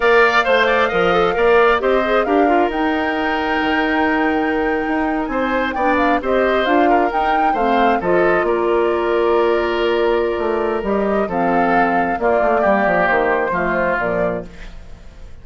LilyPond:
<<
  \new Staff \with { instrumentName = "flute" } { \time 4/4 \tempo 4 = 133 f''1 | dis''4 f''4 g''2~ | g''2.~ g''8. gis''16~ | gis''8. g''8 f''8 dis''4 f''4 g''16~ |
g''8. f''4 dis''4 d''4~ d''16~ | d''1 | dis''4 f''2 d''4~ | d''4 c''2 d''4 | }
  \new Staff \with { instrumentName = "oboe" } { \time 4/4 d''4 c''8 d''8 dis''4 d''4 | c''4 ais'2.~ | ais'2.~ ais'8. c''16~ | c''8. d''4 c''4. ais'8.~ |
ais'8. c''4 a'4 ais'4~ ais'16~ | ais'1~ | ais'4 a'2 f'4 | g'2 f'2 | }
  \new Staff \with { instrumentName = "clarinet" } { \time 4/4 ais'4 c''4 ais'8 a'8 ais'4 | g'8 gis'8 g'8 f'8 dis'2~ | dis'1~ | dis'8. d'4 g'4 f'4 dis'16~ |
dis'8. c'4 f'2~ f'16~ | f'1 | g'4 c'2 ais4~ | ais2 a4 f4 | }
  \new Staff \with { instrumentName = "bassoon" } { \time 4/4 ais4 a4 f4 ais4 | c'4 d'4 dis'2 | dis2~ dis8. dis'4 c'16~ | c'8. b4 c'4 d'4 dis'16~ |
dis'8. a4 f4 ais4~ ais16~ | ais2. a4 | g4 f2 ais8 a8 | g8 f8 dis4 f4 ais,4 | }
>>